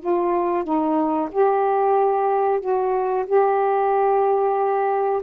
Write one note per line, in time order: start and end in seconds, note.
0.00 0.64 F4
0.64 1.30 D#4
1.32 2.61 G4
2.61 3.26 F#4
3.26 5.22 G4